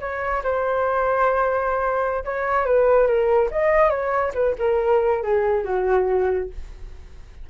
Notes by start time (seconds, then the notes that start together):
0.00 C#5
0.43 C5
2.24 C#5
2.65 B4
3.07 A#4
3.51 D#5
3.90 C#5
4.34 B4
4.59 A#4
5.22 G#4
5.64 F#4